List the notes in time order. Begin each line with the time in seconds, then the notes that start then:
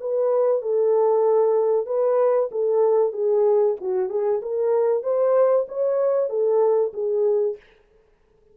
0.00 B4
0.61 A4
1.86 B4
2.51 A4
3.12 G#4
3.80 F#4
4.09 G#4
4.42 A#4
5.03 C5
5.68 C#5
6.29 A4
6.93 G#4